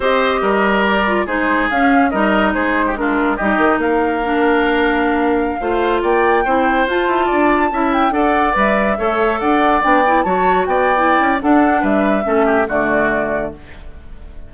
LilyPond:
<<
  \new Staff \with { instrumentName = "flute" } { \time 4/4 \tempo 4 = 142 dis''2 d''4 c''4 | f''4 dis''4 c''4 ais'4 | dis''4 f''2.~ | f''2~ f''16 g''4.~ g''16~ |
g''16 a''2~ a''8 g''8 fis''8.~ | fis''16 e''2 fis''4 g''8.~ | g''16 a''4 g''4.~ g''16 fis''4 | e''2 d''2 | }
  \new Staff \with { instrumentName = "oboe" } { \time 4/4 c''4 ais'2 gis'4~ | gis'4 ais'4 gis'8. g'16 f'4 | g'4 ais'2.~ | ais'4~ ais'16 c''4 d''4 c''8.~ |
c''4~ c''16 d''4 e''4 d''8.~ | d''4~ d''16 cis''4 d''4.~ d''16~ | d''16 cis''4 d''4.~ d''16 a'4 | b'4 a'8 g'8 fis'2 | }
  \new Staff \with { instrumentName = "clarinet" } { \time 4/4 g'2~ g'8 f'8 dis'4 | cis'4 dis'2 d'4 | dis'2 d'2~ | d'4~ d'16 f'2 e'8.~ |
e'16 f'2 e'4 a'8.~ | a'16 b'4 a'2 d'8 e'16~ | e'16 fis'4.~ fis'16 e'4 d'4~ | d'4 cis'4 a2 | }
  \new Staff \with { instrumentName = "bassoon" } { \time 4/4 c'4 g2 gis4 | cis'4 g4 gis2 | g8 dis8 ais2.~ | ais4~ ais16 a4 ais4 c'8.~ |
c'16 f'8 e'8 d'4 cis'4 d'8.~ | d'16 g4 a4 d'4 b8.~ | b16 fis4 b4~ b16 cis'8 d'4 | g4 a4 d2 | }
>>